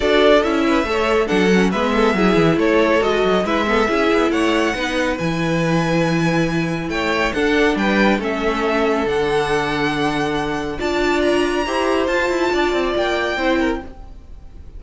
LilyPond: <<
  \new Staff \with { instrumentName = "violin" } { \time 4/4 \tempo 4 = 139 d''4 e''2 fis''4 | e''2 cis''4 dis''4 | e''2 fis''2 | gis''1 |
g''4 fis''4 g''4 e''4~ | e''4 fis''2.~ | fis''4 a''4 ais''2 | a''2 g''2 | }
  \new Staff \with { instrumentName = "violin" } { \time 4/4 a'4. b'8 cis''4 a'4 | b'8 a'8 gis'4 a'2 | b'8 a'8 gis'4 cis''4 b'4~ | b'1 |
cis''4 a'4 b'4 a'4~ | a'1~ | a'4 d''2 c''4~ | c''4 d''2 c''8 ais'8 | }
  \new Staff \with { instrumentName = "viola" } { \time 4/4 fis'4 e'4 a'4 d'8 cis'8 | b4 e'2 fis'4 | e'8 b8 e'2 dis'4 | e'1~ |
e'4 d'2 cis'4~ | cis'4 d'2.~ | d'4 f'2 g'4 | f'2. e'4 | }
  \new Staff \with { instrumentName = "cello" } { \time 4/4 d'4 cis'4 a4 fis4 | gis4 fis8 e8 a4 gis8 fis8 | gis4 cis'8 b8 a4 b4 | e1 |
a4 d'4 g4 a4~ | a4 d2.~ | d4 d'2 e'4 | f'8 e'8 d'8 c'8 ais4 c'4 | }
>>